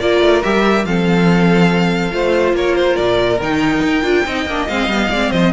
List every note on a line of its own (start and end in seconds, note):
0.00 0.21 A#3
0.00 0.44 F4
0.00 0.87 A#4
0.00 0.43 D5
0.21 0.43 A3
0.44 0.85 G3
0.44 0.86 G4
0.44 0.86 E5
0.85 2.12 F3
0.85 2.11 C4
0.85 2.14 A4
0.85 2.56 F5
2.11 2.53 A3
2.11 3.39 F4
2.11 2.56 C5
2.53 2.96 A#3
2.53 4.26 A#4
2.53 2.76 C#5
2.76 2.97 C5
2.97 3.40 A#2
2.97 3.39 D5
3.40 3.83 D#3
3.40 4.03 D#4
3.40 4.68 G5
3.83 4.04 D#4
4.03 4.26 D4
4.03 4.24 F4
4.26 4.46 C4
4.26 4.49 D#4
4.26 5.11 D#5
4.46 4.67 A#3
4.46 4.70 D4
4.68 4.88 G#3
4.68 4.91 C4
4.68 5.32 F5
4.88 5.09 G3
4.88 5.12 B3
5.10 5.32 G#3
5.10 5.54 C4
5.10 5.31 D5
5.31 5.54 F3
5.31 5.52 C5
5.31 5.54 D#5